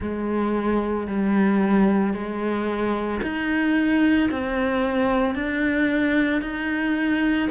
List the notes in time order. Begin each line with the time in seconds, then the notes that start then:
0.00 G#3
1.07 G3
2.13 G#3
3.22 D#4
4.31 C4
5.35 D4
6.41 D#4